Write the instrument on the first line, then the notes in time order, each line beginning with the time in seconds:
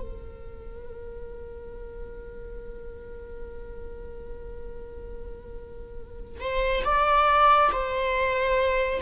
viola
0.00 A#4
6.40 C5
6.84 D5
7.72 C5